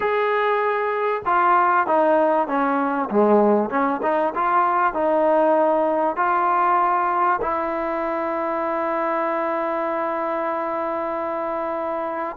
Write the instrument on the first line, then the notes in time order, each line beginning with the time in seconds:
trombone
0.00 G#4
1.25 F4
1.86 D#4
2.47 C#4
3.10 G#3
3.70 C#4
4.02 D#4
4.34 F4
4.93 D#4
6.16 F4
7.41 E4